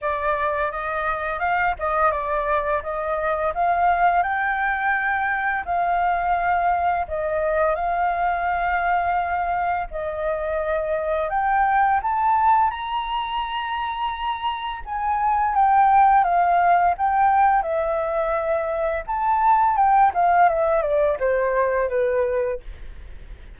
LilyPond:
\new Staff \with { instrumentName = "flute" } { \time 4/4 \tempo 4 = 85 d''4 dis''4 f''8 dis''8 d''4 | dis''4 f''4 g''2 | f''2 dis''4 f''4~ | f''2 dis''2 |
g''4 a''4 ais''2~ | ais''4 gis''4 g''4 f''4 | g''4 e''2 a''4 | g''8 f''8 e''8 d''8 c''4 b'4 | }